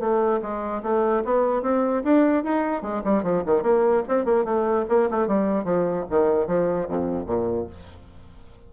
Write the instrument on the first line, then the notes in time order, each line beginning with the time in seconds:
bassoon
0.00 A3
0.42 G#3
0.83 A3
1.25 B3
1.63 C4
2.04 D4
2.44 D#4
2.82 G#3
3.04 G3
3.23 F3
3.46 D#3
3.63 A#3
4.08 C4
4.25 A#3
4.45 A3
4.89 A#3
5.11 A3
5.27 G3
5.64 F3
6.10 D#3
6.47 F3
6.89 F2
7.26 A#2